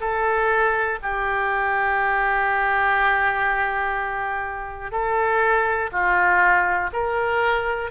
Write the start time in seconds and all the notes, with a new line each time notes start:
0.00 A4
1.02 G4
4.91 A4
5.92 F4
6.93 A#4